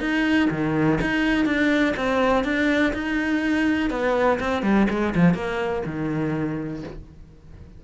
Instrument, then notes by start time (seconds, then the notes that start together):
cello
0.00 D#4
0.50 D#3
1.01 D#4
1.45 D4
1.96 C4
2.44 D4
2.93 D#4
3.90 B3
4.40 C4
4.63 G3
4.90 G#3
5.15 F3
5.34 A#3
5.86 D#3